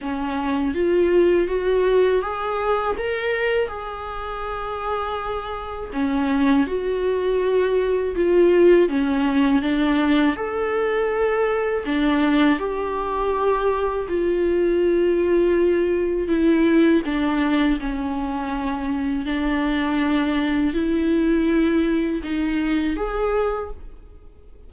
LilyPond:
\new Staff \with { instrumentName = "viola" } { \time 4/4 \tempo 4 = 81 cis'4 f'4 fis'4 gis'4 | ais'4 gis'2. | cis'4 fis'2 f'4 | cis'4 d'4 a'2 |
d'4 g'2 f'4~ | f'2 e'4 d'4 | cis'2 d'2 | e'2 dis'4 gis'4 | }